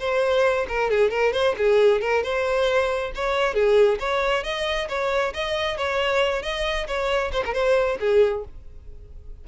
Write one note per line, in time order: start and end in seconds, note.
0.00 0.67 C5
0.69 0.91 A#4
0.91 1.11 G#4
1.11 1.33 A#4
1.33 1.56 C5
1.58 2.02 G#4
2.02 2.23 A#4
2.23 3.12 C5
3.16 3.55 C#5
3.55 3.99 G#4
4.00 4.44 C#5
4.44 4.88 D#5
4.89 5.34 C#5
5.34 5.78 D#5
5.78 6.43 C#5
6.43 6.87 D#5
6.87 7.32 C#5
7.33 7.44 C5
7.46 7.54 A#4
7.54 7.99 C5
8.00 8.45 G#4